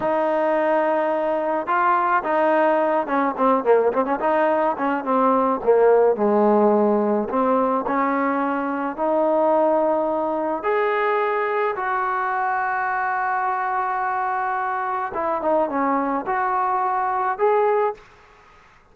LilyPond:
\new Staff \with { instrumentName = "trombone" } { \time 4/4 \tempo 4 = 107 dis'2. f'4 | dis'4. cis'8 c'8 ais8 c'16 cis'16 dis'8~ | dis'8 cis'8 c'4 ais4 gis4~ | gis4 c'4 cis'2 |
dis'2. gis'4~ | gis'4 fis'2.~ | fis'2. e'8 dis'8 | cis'4 fis'2 gis'4 | }